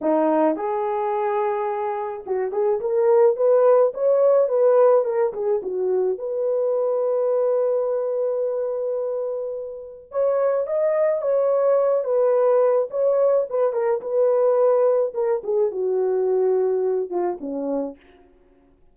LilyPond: \new Staff \with { instrumentName = "horn" } { \time 4/4 \tempo 4 = 107 dis'4 gis'2. | fis'8 gis'8 ais'4 b'4 cis''4 | b'4 ais'8 gis'8 fis'4 b'4~ | b'1~ |
b'2 cis''4 dis''4 | cis''4. b'4. cis''4 | b'8 ais'8 b'2 ais'8 gis'8 | fis'2~ fis'8 f'8 cis'4 | }